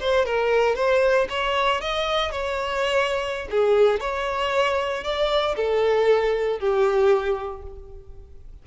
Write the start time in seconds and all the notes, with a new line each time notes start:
0.00 C5
0.25 A#4
0.75 C5
1.29 C#5
1.81 D#5
2.31 C#5
3.50 G#4
4.00 C#5
5.04 D5
5.56 A4
6.59 G4